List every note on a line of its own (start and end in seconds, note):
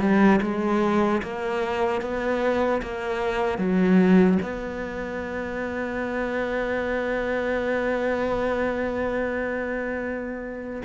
0.00 0.40 G3
0.42 1.22 G#3
1.23 2.01 A#3
2.01 2.81 B3
2.82 3.58 A#3
3.58 4.38 F#3
4.42 10.82 B3